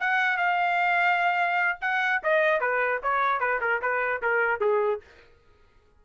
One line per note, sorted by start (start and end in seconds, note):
0.00 0.37 F#5
0.37 1.78 F5
1.81 2.22 F#5
2.23 2.60 D#5
2.60 3.01 B4
3.03 3.40 C#5
3.40 3.60 B4
3.61 3.81 A#4
3.81 4.22 B4
4.22 4.61 A#4
4.61 5.01 G#4